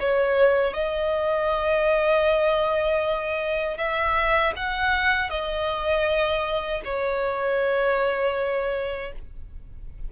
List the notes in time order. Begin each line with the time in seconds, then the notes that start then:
0.00 C#5
0.74 D#5
3.77 E5
4.56 F#5
5.30 D#5
6.84 C#5